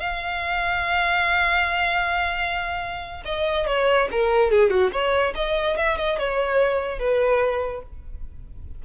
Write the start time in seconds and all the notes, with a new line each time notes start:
0.00 F5
3.25 D#5
3.67 C#5
4.11 A#4
4.51 G#4
4.70 F#4
4.92 C#5
5.35 D#5
5.77 E5
5.98 D#5
6.19 C#5
6.99 B4